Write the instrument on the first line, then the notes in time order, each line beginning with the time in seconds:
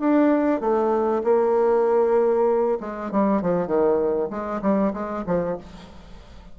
bassoon
0.00 D4
0.60 A3
1.24 A#3
2.80 G#3
3.12 G3
3.42 F3
3.67 D#3
4.30 G#3
4.62 G3
4.93 G#3
5.27 F3